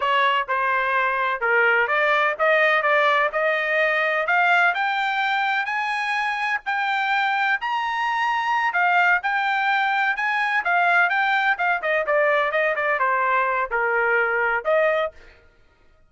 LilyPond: \new Staff \with { instrumentName = "trumpet" } { \time 4/4 \tempo 4 = 127 cis''4 c''2 ais'4 | d''4 dis''4 d''4 dis''4~ | dis''4 f''4 g''2 | gis''2 g''2 |
ais''2~ ais''8 f''4 g''8~ | g''4. gis''4 f''4 g''8~ | g''8 f''8 dis''8 d''4 dis''8 d''8 c''8~ | c''4 ais'2 dis''4 | }